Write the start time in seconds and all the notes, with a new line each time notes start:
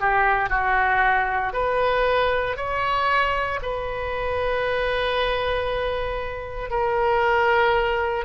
0.00 G4
0.49 F#4
1.53 B4
2.56 C#5
3.62 B4
6.70 A#4